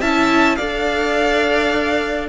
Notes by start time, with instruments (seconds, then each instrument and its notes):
0.00 cello C#4, viola E4, violin E5 A5
0.55 cello D4, viola A4, violin D5 F5